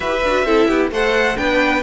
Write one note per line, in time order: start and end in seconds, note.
0.00 0.21 E4
0.00 0.23 G4
0.00 0.45 B4
0.00 0.90 E5
0.23 0.44 D4
0.23 0.46 F#4
0.44 0.67 C4
0.44 0.92 E4
0.44 0.67 A4
0.67 0.90 B3
0.67 0.90 G4
0.90 1.36 A3
0.90 1.36 A4
0.90 1.38 C5
0.90 1.37 F#5
1.36 1.82 B3
1.36 1.82 D4
1.36 1.82 B4
1.36 1.82 G5